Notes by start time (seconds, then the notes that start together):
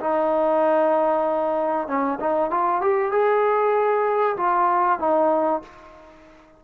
0.00 D#4
1.87 C#4
2.20 D#4
2.50 F4
2.81 G4
3.11 G#4
4.37 F4
4.99 D#4